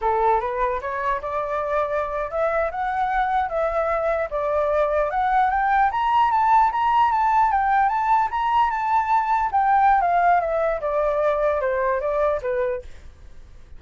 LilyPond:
\new Staff \with { instrumentName = "flute" } { \time 4/4 \tempo 4 = 150 a'4 b'4 cis''4 d''4~ | d''4.~ d''16 e''4 fis''4~ fis''16~ | fis''8. e''2 d''4~ d''16~ | d''8. fis''4 g''4 ais''4 a''16~ |
a''8. ais''4 a''4 g''4 a''16~ | a''8. ais''4 a''2 g''16~ | g''4 f''4 e''4 d''4~ | d''4 c''4 d''4 b'4 | }